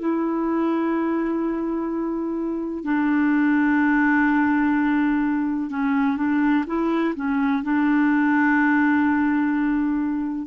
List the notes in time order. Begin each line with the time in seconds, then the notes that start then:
0.00 E4
2.85 D4
5.71 C#4
6.17 D4
6.67 E4
7.16 C#4
7.64 D4